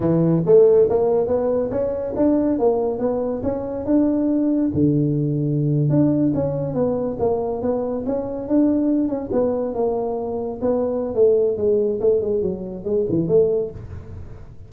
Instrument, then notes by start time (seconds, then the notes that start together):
tuba
0.00 E3
0.45 A3
0.89 A#3
1.27 B3
1.70 C#4
2.15 D4
2.58 A#3
2.99 B3
3.42 C#4
3.85 D4
4.74 D3
5.89 D4
6.34 C#4
6.74 B3
7.19 A#3
7.62 B3
8.06 C#4
8.48 D4
9.08 C#4
9.31 B3
9.74 A#3
10.61 B3
11.14 A3
11.57 G#3
12.00 A3
12.21 G#3
12.41 F#3
12.84 G#3
13.09 E3
13.28 A3